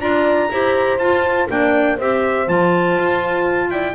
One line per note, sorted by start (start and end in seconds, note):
0.00 0.49 D4
0.00 0.49 F4
0.00 0.51 D5
0.00 0.98 A#5
0.51 0.99 E4
0.51 1.00 G4
0.51 1.50 C5
0.98 1.48 F4
0.98 1.48 A5
1.48 1.99 A#3
1.48 1.98 D4
1.48 1.97 D5
1.48 1.99 G5
1.97 2.48 C4
1.97 2.47 G4
1.97 3.69 C5
1.97 2.49 E5
2.47 2.97 F3
2.47 3.95 F4
2.47 3.70 A5
2.97 3.70 F4
3.70 3.95 E4
3.70 3.95 D5
3.70 3.95 G5